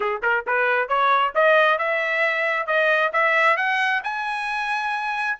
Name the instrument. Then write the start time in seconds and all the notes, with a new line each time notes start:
trumpet
0.00 G#4
0.22 A#4
0.46 B4
0.88 C#5
1.34 D#5
1.78 E5
2.66 D#5
3.12 E5
3.56 F#5
4.03 G#5